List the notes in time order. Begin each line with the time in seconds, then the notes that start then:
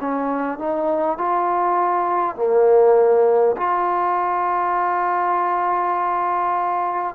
0.00 C#4
0.58 D#4
1.18 F4
2.36 A#3
3.57 F4